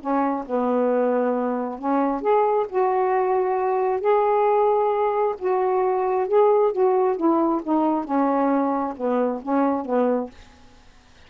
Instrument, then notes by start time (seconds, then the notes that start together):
saxophone
0.00 C#4
0.46 B3
1.78 C#4
2.21 G#4
2.69 F#4
4.00 G#4
5.38 F#4
6.28 G#4
6.72 F#4
7.16 E4
7.63 D#4
8.05 C#4
8.96 B3
9.42 C#4
9.85 B3